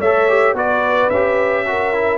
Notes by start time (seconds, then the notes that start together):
0.00 A3 A4 C#5 E5
0.29 G4
0.54 B3 F#4 B4 D5
1.10 C#4 G4 E5
1.66 F#4 A#4
1.94 E4